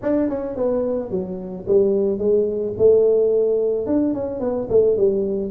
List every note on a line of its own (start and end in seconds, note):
0.02 0.29 D4
0.29 0.56 C#4
0.56 1.10 B3
1.10 1.65 F#3
1.67 2.18 G3
2.18 2.73 G#3
2.77 3.86 A3
3.86 4.13 D4
4.13 4.40 C#4
4.40 4.67 B3
4.69 4.96 A3
4.96 5.51 G3